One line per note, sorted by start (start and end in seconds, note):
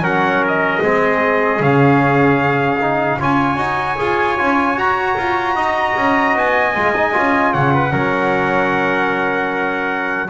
0.00 0.79 F#3
0.00 0.82 C#4
0.00 0.82 A#4
0.00 0.44 F#5
0.48 1.63 D#5
0.82 1.60 G#3
0.82 1.61 C4
0.82 3.20 G#4
1.60 3.18 C#3
1.60 2.80 C#4
1.60 3.21 F5
2.81 3.20 D#4
3.20 3.56 C#4
3.20 3.58 F4
3.20 5.56 C#5
3.20 4.79 G#5
3.56 3.96 D#4
3.56 3.97 F#4
3.98 4.39 F4
3.98 4.37 G#4
4.37 4.76 C#4
4.37 4.77 F4
4.76 5.15 F#4
4.76 6.74 F#4
4.76 6.37 A#5
5.17 5.55 F4
5.55 5.95 D#4
5.55 7.53 D#5
5.96 6.36 C#4
6.36 6.75 B3
6.36 7.53 G#5
6.75 7.15 G#3
6.75 6.95 F4
6.96 7.13 D#4
7.13 7.54 C#4
7.13 7.92 F4
7.53 7.93 C#3
7.53 7.73 C#5
7.53 10.30 F#5
7.74 7.92 B4
7.92 10.30 F#3
7.92 10.28 C#4
7.92 10.29 A#4